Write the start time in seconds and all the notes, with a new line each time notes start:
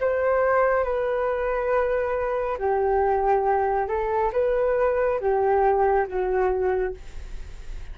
0.00 C5
0.83 B4
2.58 G4
3.87 A4
4.32 B4
5.20 G4
6.07 F#4